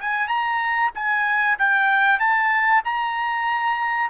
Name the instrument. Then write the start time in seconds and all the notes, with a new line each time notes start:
trumpet
0.00 G#5
0.28 A#5
0.94 G#5
1.58 G5
2.19 A5
2.84 A#5